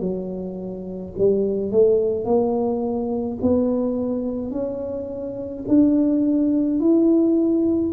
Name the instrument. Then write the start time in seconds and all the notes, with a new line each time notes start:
tuba
0.00 F#3
1.18 G3
1.71 A3
2.25 A#3
3.41 B3
4.51 C#4
5.68 D4
6.80 E4